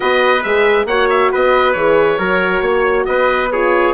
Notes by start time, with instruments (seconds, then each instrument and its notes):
0.00 bassoon B3, horn F#4, trumpet B4, oboe D#5
0.42 bassoon G#3, horn G#4, oboe E5
0.85 bassoon A#3, horn F#4, trumpet C#5, oboe F#5
1.09 oboe E5
1.31 bassoon B3, trumpet B4, oboe D#5
1.72 bassoon E3, horn G#4, oboe C#5
2.18 bassoon F#3, horn F#4, trumpet A#4
2.61 bassoon A#3, trumpet C#5
3.05 bassoon B3, trumpet B4, oboe D#5
3.51 horn F4, trumpet G#4, oboe C#5